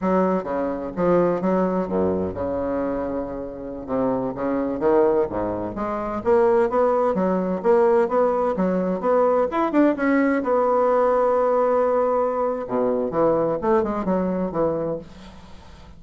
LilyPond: \new Staff \with { instrumentName = "bassoon" } { \time 4/4 \tempo 4 = 128 fis4 cis4 f4 fis4 | fis,4 cis2.~ | cis16 c4 cis4 dis4 gis,8.~ | gis,16 gis4 ais4 b4 fis8.~ |
fis16 ais4 b4 fis4 b8.~ | b16 e'8 d'8 cis'4 b4.~ b16~ | b2. b,4 | e4 a8 gis8 fis4 e4 | }